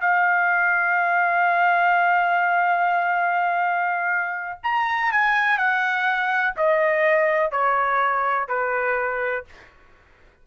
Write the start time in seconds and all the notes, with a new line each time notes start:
0.00 F5
4.63 A#5
5.11 G#5
5.57 F#5
6.56 D#5
7.51 C#5
8.48 B4